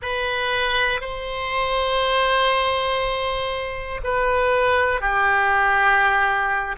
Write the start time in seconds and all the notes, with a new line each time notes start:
0.01 B4
1.00 C5
4.03 B4
5.00 G4